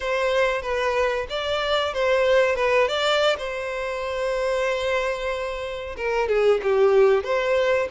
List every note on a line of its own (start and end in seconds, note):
0.00 0.62 C5
0.62 1.26 B4
1.29 1.93 D5
1.93 2.55 C5
2.55 2.88 B4
2.88 3.36 D5
3.38 5.96 C5
5.96 6.28 A#4
6.28 6.60 G#4
6.62 7.23 G4
7.23 7.88 C5